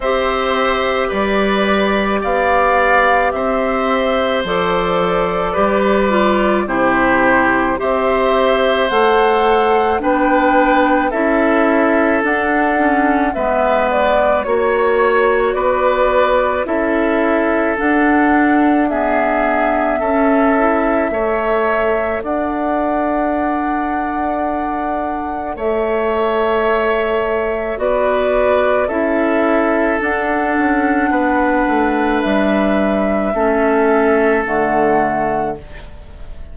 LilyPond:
<<
  \new Staff \with { instrumentName = "flute" } { \time 4/4 \tempo 4 = 54 e''4 d''4 f''4 e''4 | d''2 c''4 e''4 | fis''4 g''4 e''4 fis''4 | e''8 d''8 cis''4 d''4 e''4 |
fis''4 e''2. | fis''2. e''4~ | e''4 d''4 e''4 fis''4~ | fis''4 e''2 fis''4 | }
  \new Staff \with { instrumentName = "oboe" } { \time 4/4 c''4 b'4 d''4 c''4~ | c''4 b'4 g'4 c''4~ | c''4 b'4 a'2 | b'4 cis''4 b'4 a'4~ |
a'4 gis'4 a'4 cis''4 | d''2. cis''4~ | cis''4 b'4 a'2 | b'2 a'2 | }
  \new Staff \with { instrumentName = "clarinet" } { \time 4/4 g'1 | a'4 g'8 f'8 e'4 g'4 | a'4 d'4 e'4 d'8 cis'8 | b4 fis'2 e'4 |
d'4 b4 cis'8 e'8 a'4~ | a'1~ | a'4 fis'4 e'4 d'4~ | d'2 cis'4 a4 | }
  \new Staff \with { instrumentName = "bassoon" } { \time 4/4 c'4 g4 b4 c'4 | f4 g4 c4 c'4 | a4 b4 cis'4 d'4 | gis4 ais4 b4 cis'4 |
d'2 cis'4 a4 | d'2. a4~ | a4 b4 cis'4 d'8 cis'8 | b8 a8 g4 a4 d4 | }
>>